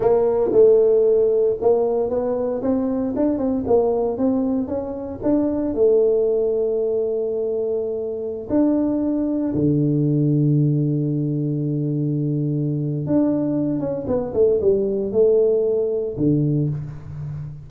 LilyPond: \new Staff \with { instrumentName = "tuba" } { \time 4/4 \tempo 4 = 115 ais4 a2 ais4 | b4 c'4 d'8 c'8 ais4 | c'4 cis'4 d'4 a4~ | a1~ |
a16 d'2 d4.~ d16~ | d1~ | d4 d'4. cis'8 b8 a8 | g4 a2 d4 | }